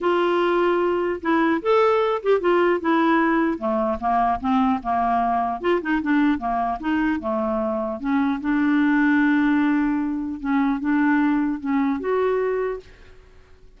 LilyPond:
\new Staff \with { instrumentName = "clarinet" } { \time 4/4 \tempo 4 = 150 f'2. e'4 | a'4. g'8 f'4 e'4~ | e'4 a4 ais4 c'4 | ais2 f'8 dis'8 d'4 |
ais4 dis'4 a2 | cis'4 d'2.~ | d'2 cis'4 d'4~ | d'4 cis'4 fis'2 | }